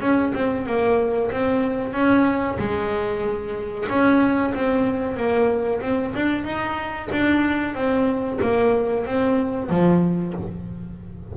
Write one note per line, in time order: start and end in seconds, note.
0.00 0.32 C#4
0.34 0.66 C4
0.66 1.30 A#3
1.31 1.93 C4
1.93 2.57 C#4
2.58 3.87 G#3
3.89 4.53 C#4
4.54 5.16 C4
5.16 5.81 A#3
5.81 6.13 C4
6.15 6.44 D4
6.44 7.09 D#4
7.12 7.74 D4
7.74 8.39 C4
8.41 9.06 A#3
9.06 9.69 C4
9.69 10.34 F3